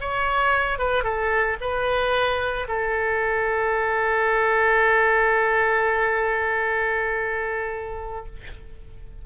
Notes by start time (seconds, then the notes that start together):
0.00 C#5
0.78 B4
1.04 A4
1.61 B4
2.68 A4